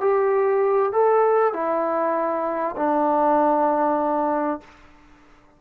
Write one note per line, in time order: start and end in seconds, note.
0.00 0.92 G4
0.92 1.53 A4
1.53 2.76 E4
2.76 4.60 D4